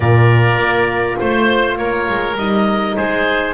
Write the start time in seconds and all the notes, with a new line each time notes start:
0.00 A#2 F4 A#4 D5
0.57 A#3
1.19 A3 C5
1.77 A#3 A#4 C#5
2.09 G#3
2.37 G3 D#4 D#5
2.95 G#3 G#4 C5